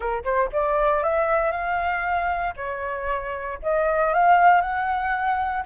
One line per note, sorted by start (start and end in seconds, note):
0.00 0.23 A#4
0.24 0.49 C5
0.52 1.03 D5
1.03 1.51 E5
1.51 2.54 F5
2.56 3.59 C#5
3.62 4.13 D#5
4.13 4.61 F5
4.61 5.63 F#5